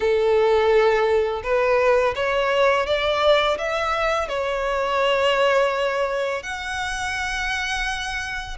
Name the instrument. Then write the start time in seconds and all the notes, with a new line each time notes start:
violin
0.00 A4
1.43 B4
2.15 C#5
2.86 D5
3.57 E5
4.28 C#5
6.43 F#5